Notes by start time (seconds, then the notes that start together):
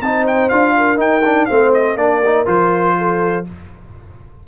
0.00 C4 D#4 C5 A5
0.27 G5
0.49 D4 F4 F5
0.77 A#4
0.96 D#4 G5
1.24 D4
1.45 A3 C4 C5 F5
1.74 D#5
1.95 A#3 D4 A#4 D5
2.25 D#4
2.45 F3 F4 C5
2.98 A4